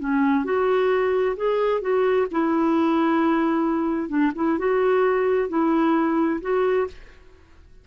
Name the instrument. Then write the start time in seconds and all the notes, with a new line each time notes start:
clarinet
0.00 C#4
0.45 F#4
1.37 G#4
1.81 F#4
2.32 E4
4.09 D4
4.36 E4
4.58 F#4
5.49 E4
6.41 F#4